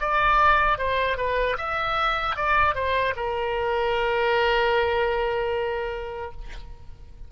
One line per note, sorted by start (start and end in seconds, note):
0.00 0.78 D5
0.78 1.18 C5
1.18 1.57 B4
1.58 2.36 E5
2.36 2.75 D5
2.75 3.14 C5
3.16 6.32 A#4